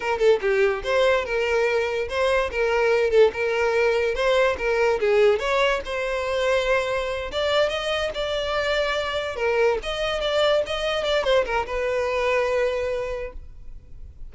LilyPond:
\new Staff \with { instrumentName = "violin" } { \time 4/4 \tempo 4 = 144 ais'8 a'8 g'4 c''4 ais'4~ | ais'4 c''4 ais'4. a'8 | ais'2 c''4 ais'4 | gis'4 cis''4 c''2~ |
c''4. d''4 dis''4 d''8~ | d''2~ d''8 ais'4 dis''8~ | dis''8 d''4 dis''4 d''8 c''8 ais'8 | b'1 | }